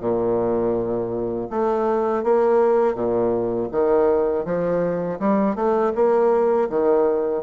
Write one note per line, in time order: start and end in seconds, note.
0.00 1.48 A#2
1.50 2.23 A3
2.23 2.94 A#3
2.94 3.68 A#2
3.71 4.44 D#3
4.44 5.19 F3
5.19 5.55 G3
5.55 5.92 A3
5.95 6.69 A#3
6.69 7.43 D#3